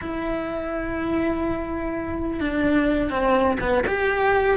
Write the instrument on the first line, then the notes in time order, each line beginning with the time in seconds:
cello
0.01 E4
2.40 D4
3.10 C4
3.60 B3
3.86 G4